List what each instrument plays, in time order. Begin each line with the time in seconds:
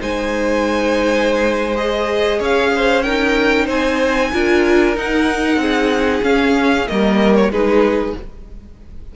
0.00 cello G#3, viola D#4, violin C5 G#5
1.76 viola G#4, violin D#5
2.39 cello C#4, violin C#5 F5
2.76 violin C5
3.03 viola D#4, violin A#4 G5
3.66 cello C4, violin C5 G#5
4.33 cello D4, viola F4, violin A#4
4.96 viola D#4, cello D#4, violin F#5
5.57 cello C4, violin G#4
6.22 viola C#4, cello C#4, violin F5
6.88 cello G3, viola A#3, violin A#4 D#5
7.36 violin C#5
7.49 cello G#3, viola D#4, violin G#4 B4